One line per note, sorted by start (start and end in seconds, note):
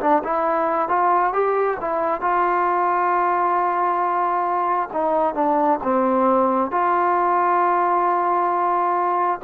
0.00 0.22 D4
0.24 0.88 E4
0.88 1.32 F4
1.32 1.77 G4
1.80 2.21 E4
2.21 4.89 F4
4.93 5.34 D#4
5.34 5.79 D4
5.82 6.71 C4
6.71 9.39 F4